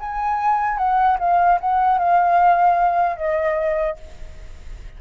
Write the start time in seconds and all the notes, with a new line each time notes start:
0.00 G#5
0.77 F#5
1.19 F5
1.60 F#5
1.98 F5
3.16 D#5